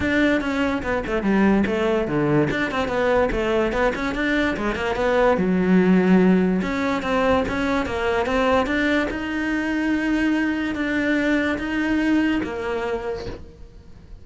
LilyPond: \new Staff \with { instrumentName = "cello" } { \time 4/4 \tempo 4 = 145 d'4 cis'4 b8 a8 g4 | a4 d4 d'8 c'8 b4 | a4 b8 cis'8 d'4 gis8 ais8 | b4 fis2. |
cis'4 c'4 cis'4 ais4 | c'4 d'4 dis'2~ | dis'2 d'2 | dis'2 ais2 | }